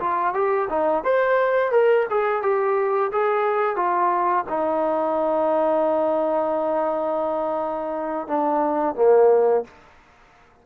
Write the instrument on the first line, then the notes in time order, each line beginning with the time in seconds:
trombone
0.00 F4
0.34 G4
0.70 D#4
1.04 C5
1.72 A#4
2.10 G#4
2.43 G4
3.12 G#4
3.76 F4
4.49 D#4
8.28 D4
8.96 A#3